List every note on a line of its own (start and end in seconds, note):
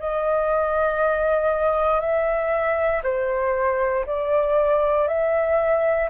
0.00 2.01 D#5
2.01 3.02 E5
3.04 4.05 C5
4.06 5.08 D5
5.08 6.10 E5